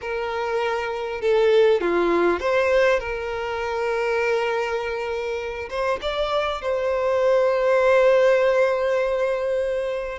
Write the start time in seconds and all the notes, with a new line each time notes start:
0.01 A#4
1.21 A4
1.81 F4
2.40 C5
2.99 A#4
5.69 C5
6.01 D5
6.61 C5